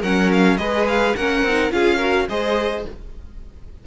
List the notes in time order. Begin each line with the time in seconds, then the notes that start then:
0.00 F#3 C#4 A#4 F#5
0.32 F5
0.57 G#3 G#4 B4 D#5
0.87 F5
1.15 A#3 C#4 A#4 F#5
1.42 C4 D#4
1.70 C#4 F4 G#4 F5
1.96 F#4 A#4
2.28 G#3 G#4 C5 D#5